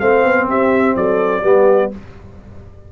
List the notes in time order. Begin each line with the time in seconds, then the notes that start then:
0.00 A3 C4 C5 F5
0.25 B3
0.48 C4 G4 E5
0.97 F#3 A4 D5
1.43 G3 B3 G4